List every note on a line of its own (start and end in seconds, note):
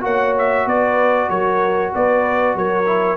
0.00 0.66 A#3
0.00 2.84 F#4
0.00 0.66 C#5
0.00 0.36 F#5
0.38 0.67 E5
0.66 1.29 B3
0.66 1.29 B4
0.66 1.29 D5
1.29 1.93 F#3
1.29 1.92 A#4
1.29 1.92 C#5
1.94 2.55 B3
1.94 2.56 B4
1.94 2.57 D5
2.55 3.16 F#3
2.55 3.16 A#4
2.55 3.16 C#5
2.86 3.16 E4